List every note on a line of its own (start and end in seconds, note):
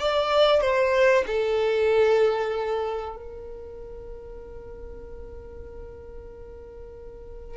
0.00 0.61 D5
0.61 1.24 C5
1.27 3.16 A4
3.16 7.57 A#4